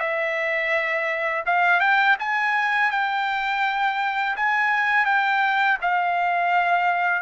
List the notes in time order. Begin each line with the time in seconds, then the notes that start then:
0.00 E5
1.46 F5
1.80 G5
2.20 G#5
2.91 G5
4.37 G#5
5.05 G5
5.82 F5